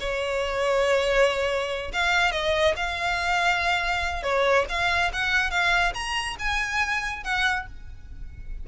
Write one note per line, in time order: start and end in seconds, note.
0.00 1.91 C#5
1.93 2.32 F5
2.32 2.74 D#5
2.76 4.23 F5
4.23 4.65 C#5
4.69 5.11 F5
5.13 5.50 F#5
5.50 5.93 F5
5.94 6.36 A#5
6.39 7.24 G#5
7.24 7.66 F#5